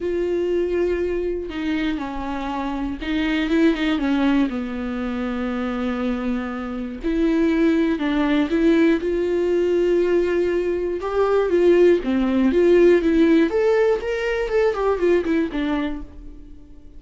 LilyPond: \new Staff \with { instrumentName = "viola" } { \time 4/4 \tempo 4 = 120 f'2. dis'4 | cis'2 dis'4 e'8 dis'8 | cis'4 b2.~ | b2 e'2 |
d'4 e'4 f'2~ | f'2 g'4 f'4 | c'4 f'4 e'4 a'4 | ais'4 a'8 g'8 f'8 e'8 d'4 | }